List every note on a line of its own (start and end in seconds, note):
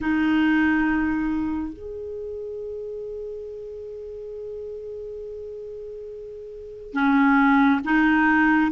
0.00 1.73 D#4
1.73 6.93 G#4
6.93 7.80 C#4
7.84 8.71 D#4